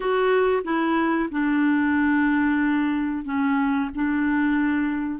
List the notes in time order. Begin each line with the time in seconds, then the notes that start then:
0.00 F#4
0.63 E4
1.31 D4
3.24 C#4
3.95 D4